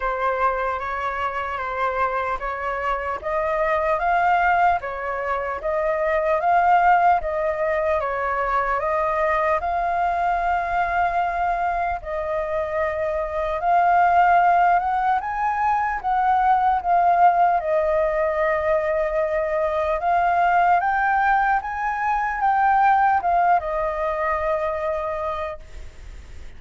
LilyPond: \new Staff \with { instrumentName = "flute" } { \time 4/4 \tempo 4 = 75 c''4 cis''4 c''4 cis''4 | dis''4 f''4 cis''4 dis''4 | f''4 dis''4 cis''4 dis''4 | f''2. dis''4~ |
dis''4 f''4. fis''8 gis''4 | fis''4 f''4 dis''2~ | dis''4 f''4 g''4 gis''4 | g''4 f''8 dis''2~ dis''8 | }